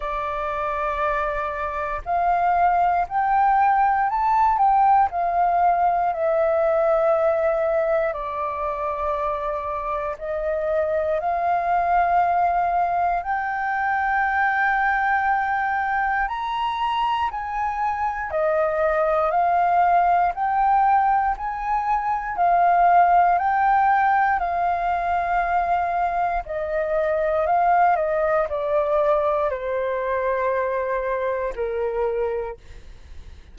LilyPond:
\new Staff \with { instrumentName = "flute" } { \time 4/4 \tempo 4 = 59 d''2 f''4 g''4 | a''8 g''8 f''4 e''2 | d''2 dis''4 f''4~ | f''4 g''2. |
ais''4 gis''4 dis''4 f''4 | g''4 gis''4 f''4 g''4 | f''2 dis''4 f''8 dis''8 | d''4 c''2 ais'4 | }